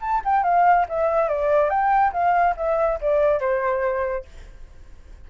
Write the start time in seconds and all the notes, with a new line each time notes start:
0.00 A5
0.24 G5
0.43 F5
0.88 E5
1.28 D5
1.69 G5
2.12 F5
2.56 E5
3.01 D5
3.40 C5